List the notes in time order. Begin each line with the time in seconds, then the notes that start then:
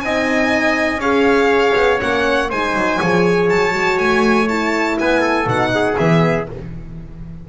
0.00 C4 D#4 D#5 G#5
0.97 C#4 G#4 C#5 F5
1.75 B3
1.98 A#3 C#4 F#5
2.49 G#3 D#4 C5 G#5
2.74 F#3
3.00 F3 G#4 C#5
3.49 F#3 A5
3.71 G#3 F#4
3.98 A3 G#5
4.48 E4 A5
4.99 B3 B4 G#5
5.21 A4
5.46 B2 D#4 F#5
5.75 G#4
5.97 E3 B3 E5